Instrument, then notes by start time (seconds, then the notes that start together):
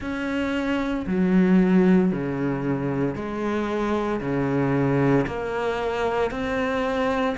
cello
0.00 C#4
1.07 F#3
2.11 C#3
3.15 G#3
4.21 C#3
5.26 A#3
6.30 C4